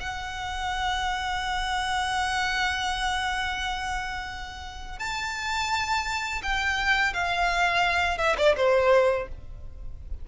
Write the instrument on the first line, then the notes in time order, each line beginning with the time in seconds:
violin
0.00 F#5
4.99 A5
6.43 G5
7.13 F5
8.18 E5
8.37 D5
8.56 C5